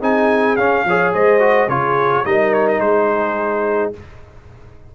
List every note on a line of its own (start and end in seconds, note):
0.00 0.57 C4
0.00 0.58 D#4
0.00 0.84 G#4
0.00 0.56 G#5
0.56 0.85 C#4
0.56 0.87 C#4
0.56 1.12 F5
0.85 1.13 F3
0.85 1.40 G#4
0.85 1.14 C#5
1.14 1.69 G#3
1.14 1.69 C5
1.14 1.70 D#5
1.40 1.68 F#4
1.69 2.25 C#3
1.69 2.26 F4
1.69 2.25 G#4
1.69 2.26 C#5
2.25 2.80 G3
2.25 3.94 D#4
2.25 2.83 A#4
2.25 2.54 D#5
2.54 2.68 C#5
2.68 2.80 D#5
2.80 3.92 G#3
2.80 3.95 G#4
2.80 3.93 C5